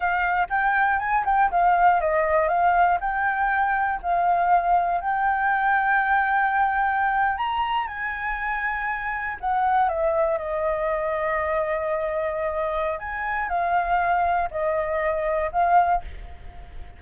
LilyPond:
\new Staff \with { instrumentName = "flute" } { \time 4/4 \tempo 4 = 120 f''4 g''4 gis''8 g''8 f''4 | dis''4 f''4 g''2 | f''2 g''2~ | g''2~ g''8. ais''4 gis''16~ |
gis''2~ gis''8. fis''4 e''16~ | e''8. dis''2.~ dis''16~ | dis''2 gis''4 f''4~ | f''4 dis''2 f''4 | }